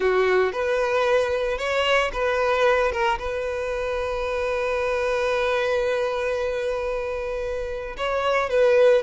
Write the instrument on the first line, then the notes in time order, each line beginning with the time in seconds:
violin
0.00 F#4
0.52 B4
1.58 C#5
2.12 B4
2.92 A#4
3.18 B4
7.97 C#5
8.49 B4